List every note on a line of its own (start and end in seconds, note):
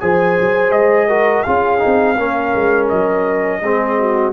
0.00 0.39 F3
0.00 1.09 G#4
0.00 1.09 C5
0.00 0.72 G#5
0.40 0.71 F#3
0.71 1.43 G#3
0.71 1.43 D#5
1.09 1.45 F#4
1.09 1.45 A#4
1.43 1.83 C#4
1.43 1.79 F4
1.43 2.17 G#4
1.43 2.87 F5
1.79 2.15 D#4
1.86 2.18 C4
2.18 2.55 A#3
2.18 3.63 C#4
2.18 3.61 A#4
2.55 2.91 G#3
2.89 3.62 F#3
2.89 4.33 D#5
3.61 4.33 G#3
3.61 4.33 C4
3.61 3.97 G#4
3.99 4.33 F#4